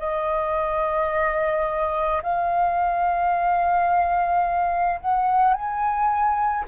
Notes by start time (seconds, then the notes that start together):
0.00 D#5
2.23 F5
5.01 F#5
5.54 G#5